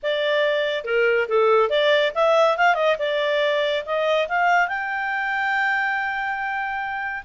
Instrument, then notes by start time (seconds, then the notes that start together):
clarinet
0.02 D5
0.84 A#4
1.28 A4
1.69 D5
2.14 E5
2.57 F5
2.74 D#5
2.98 D5
3.85 D#5
4.28 F5
4.68 G5